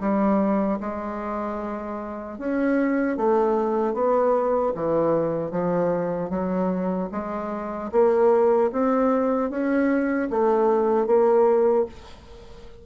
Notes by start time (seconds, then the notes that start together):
0.00 G3
0.80 G#3
2.38 C#4
3.17 A3
3.94 B3
4.75 E3
5.51 F3
6.30 F#3
7.12 G#3
7.92 A#3
8.72 C4
9.50 C#4
10.30 A3
11.06 A#3